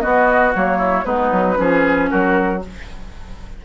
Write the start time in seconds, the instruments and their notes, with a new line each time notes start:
0.00 clarinet B3, bassoon B3, oboe F#4, flute D#5
0.53 bassoon F#3, clarinet A#3, flute C#5
0.78 oboe E4
1.04 bassoon G#3, clarinet B3, oboe D#4, flute B4
1.32 bassoon F#3
1.55 bassoon F3, clarinet C#4, oboe G#4
2.10 bassoon F#3, oboe F#4, flute A#4